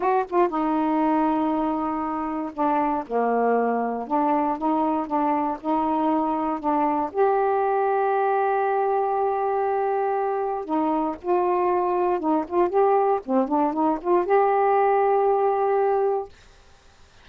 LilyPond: \new Staff \with { instrumentName = "saxophone" } { \time 4/4 \tempo 4 = 118 fis'8 f'8 dis'2.~ | dis'4 d'4 ais2 | d'4 dis'4 d'4 dis'4~ | dis'4 d'4 g'2~ |
g'1~ | g'4 dis'4 f'2 | dis'8 f'8 g'4 c'8 d'8 dis'8 f'8 | g'1 | }